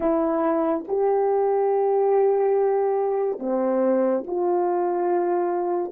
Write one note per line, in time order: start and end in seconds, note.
0.00 0.84 E4
0.87 3.39 G4
3.39 4.23 C4
4.27 5.92 F4